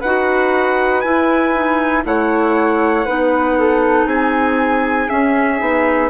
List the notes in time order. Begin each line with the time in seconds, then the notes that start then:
0.00 D#4 F#4 B4 F#5
1.01 E4 G#5
1.55 D#4
2.04 A3 E4 C#5 F#5
3.06 B3 D#4 B4
3.59 A4
4.06 C4 G#4 G#5
5.10 C#4 E5
5.59 B3 D#4